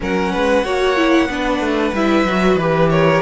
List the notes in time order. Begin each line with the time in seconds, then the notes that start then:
0.00 F#3 C#4 A#4 F#5
0.32 G#3 B4
0.64 A#3 F#4 C#5
0.96 E4
1.27 B3 D4 B4
1.59 A3
1.92 G3 E4 E5
2.24 F#3 F#4
2.55 E3 G4 B4
2.90 A#4 C#5